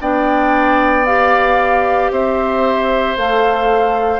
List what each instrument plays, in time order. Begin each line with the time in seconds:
0.00 bassoon B3, clarinet D4, oboe D5, flute G5
1.06 clarinet G4, flute F5
2.11 bassoon C4, oboe C5, flute E5
3.17 bassoon A3, clarinet A4, flute F5